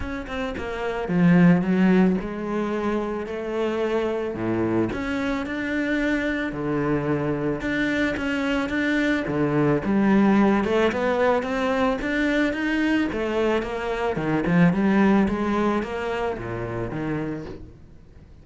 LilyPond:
\new Staff \with { instrumentName = "cello" } { \time 4/4 \tempo 4 = 110 cis'8 c'8 ais4 f4 fis4 | gis2 a2 | a,4 cis'4 d'2 | d2 d'4 cis'4 |
d'4 d4 g4. a8 | b4 c'4 d'4 dis'4 | a4 ais4 dis8 f8 g4 | gis4 ais4 ais,4 dis4 | }